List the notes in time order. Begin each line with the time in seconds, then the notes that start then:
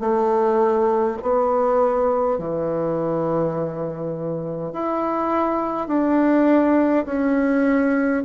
0.00 A3
1.22 B3
2.39 E3
4.73 E4
5.88 D4
7.05 C#4